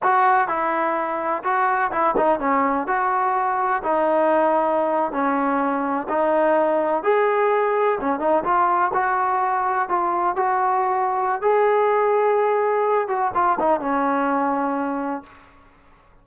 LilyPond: \new Staff \with { instrumentName = "trombone" } { \time 4/4 \tempo 4 = 126 fis'4 e'2 fis'4 | e'8 dis'8 cis'4 fis'2 | dis'2~ dis'8. cis'4~ cis'16~ | cis'8. dis'2 gis'4~ gis'16~ |
gis'8. cis'8 dis'8 f'4 fis'4~ fis'16~ | fis'8. f'4 fis'2~ fis'16 | gis'2.~ gis'8 fis'8 | f'8 dis'8 cis'2. | }